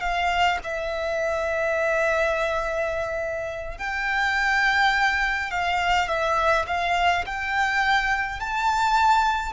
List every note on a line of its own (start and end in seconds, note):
0.00 0.58 F5
0.63 3.78 E5
3.78 5.50 G5
5.50 6.07 F5
6.07 6.65 E5
6.67 7.24 F5
7.25 8.40 G5
8.40 9.52 A5